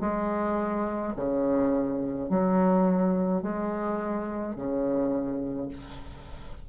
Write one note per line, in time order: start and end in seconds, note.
0.00 1.13 G#3
1.16 2.30 C#3
2.30 3.42 F#3
3.42 4.55 G#3
4.55 5.69 C#3